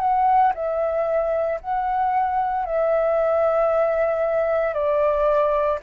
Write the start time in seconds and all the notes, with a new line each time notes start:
0.00 F#5
0.55 E5
1.61 F#5
2.65 E5
4.74 D5